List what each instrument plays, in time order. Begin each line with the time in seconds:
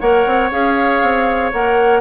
0.00 bassoon A#3, clarinet A#4, oboe C#5, flute F#5
0.26 bassoon C4
0.51 bassoon C#4, clarinet G#4, flute F5
1.02 bassoon C4
1.53 bassoon A#3, clarinet A#4, flute F#5